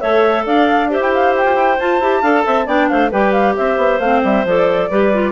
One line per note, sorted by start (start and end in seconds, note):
0.00 0.46 A3
0.00 0.89 A4
0.00 0.44 C#5
0.00 0.45 E5
0.46 1.00 D4
0.46 0.90 D5
0.46 0.91 F5
0.89 1.78 G4
0.89 2.21 C5
0.89 1.02 E5
1.00 1.45 E4
1.00 1.13 G5
1.14 1.36 F5
1.36 1.79 G5
1.45 1.55 F4
1.55 1.77 E4
1.79 2.00 F4
1.79 2.01 F4
1.79 2.68 A5
2.00 2.22 E4
2.00 2.23 G4
2.21 2.45 D4
2.21 2.67 A4
2.21 2.43 F5
2.46 2.67 C4
2.46 2.66 E5
2.66 2.89 B3
2.66 3.11 D4
2.66 2.88 D5
2.66 2.89 G5
2.89 3.12 A3
2.89 3.11 C5
2.89 3.11 F5
3.11 3.56 G3
3.11 4.01 G4
3.11 3.55 B4
3.11 3.32 G5
3.32 3.54 F5
3.56 3.77 C4
3.56 4.90 C5
3.56 4.00 E5
3.77 3.99 B3
3.99 4.22 A3
3.99 4.46 C4
3.99 4.22 F5
4.24 4.45 G3
4.24 4.47 E5
4.45 4.89 F3
4.45 4.91 A4
4.45 5.32 D5
4.90 5.32 G3
4.90 5.13 G4
4.90 5.32 B4
5.13 5.32 F4